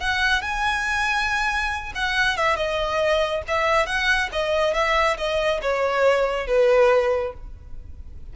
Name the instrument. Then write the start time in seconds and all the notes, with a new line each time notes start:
violin
0.00 F#5
0.42 G#5
1.95 F#5
2.37 E5
2.56 D#5
3.48 E5
3.86 F#5
4.32 D#5
4.74 E5
5.17 D#5
5.62 C#5
6.47 B4